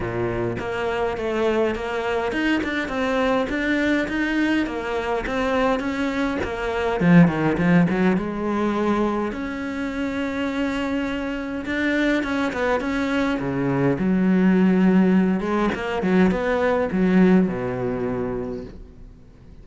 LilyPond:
\new Staff \with { instrumentName = "cello" } { \time 4/4 \tempo 4 = 103 ais,4 ais4 a4 ais4 | dis'8 d'8 c'4 d'4 dis'4 | ais4 c'4 cis'4 ais4 | f8 dis8 f8 fis8 gis2 |
cis'1 | d'4 cis'8 b8 cis'4 cis4 | fis2~ fis8 gis8 ais8 fis8 | b4 fis4 b,2 | }